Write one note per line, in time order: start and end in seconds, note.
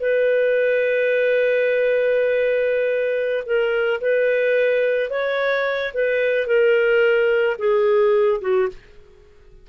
0.00 3.44 B4
3.46 4.01 A#4
4.01 5.10 B4
5.10 5.93 C#5
5.93 6.47 B4
6.47 7.57 A#4
7.58 8.41 G#4
8.41 8.69 F#4